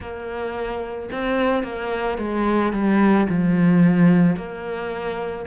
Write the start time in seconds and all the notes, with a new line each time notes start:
0.00 A#3
1.11 C4
1.63 A#3
2.18 G#3
2.72 G3
3.29 F3
4.36 A#3